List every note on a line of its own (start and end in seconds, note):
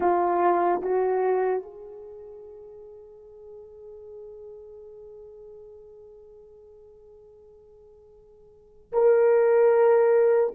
0.00 0.81 F4
0.82 1.62 F#4
1.62 8.92 G#4
8.92 10.54 A#4